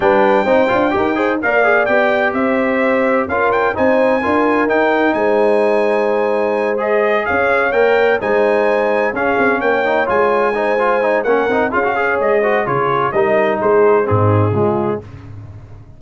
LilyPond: <<
  \new Staff \with { instrumentName = "trumpet" } { \time 4/4 \tempo 4 = 128 g''2. f''4 | g''4 e''2 f''8 g''8 | gis''2 g''4 gis''4~ | gis''2~ gis''8 dis''4 f''8~ |
f''8 g''4 gis''2 f''8~ | f''8 g''4 gis''2~ gis''8 | fis''4 f''4 dis''4 cis''4 | dis''4 c''4 gis'2 | }
  \new Staff \with { instrumentName = "horn" } { \time 4/4 b'4 c''4 ais'8 c''8 d''4~ | d''4 c''2 ais'4 | c''4 ais'2 c''4~ | c''2.~ c''8 cis''8~ |
cis''4. c''2 gis'8~ | gis'8 cis''2 c''4. | ais'4 gis'8 cis''4 c''8 gis'4 | ais'4 gis'4 dis'4 f'4 | }
  \new Staff \with { instrumentName = "trombone" } { \time 4/4 d'4 dis'8 f'8 g'8 gis'8 ais'8 gis'8 | g'2. f'4 | dis'4 f'4 dis'2~ | dis'2~ dis'8 gis'4.~ |
gis'8 ais'4 dis'2 cis'8~ | cis'4 dis'8 f'4 dis'8 f'8 dis'8 | cis'8 dis'8 f'16 fis'16 gis'4 fis'8 f'4 | dis'2 c'4 gis4 | }
  \new Staff \with { instrumentName = "tuba" } { \time 4/4 g4 c'8 d'8 dis'4 ais4 | b4 c'2 cis'4 | c'4 d'4 dis'4 gis4~ | gis2.~ gis8 cis'8~ |
cis'8 ais4 gis2 cis'8 | c'8 ais4 gis2~ gis8 | ais8 c'8 cis'4 gis4 cis4 | g4 gis4 gis,4 cis4 | }
>>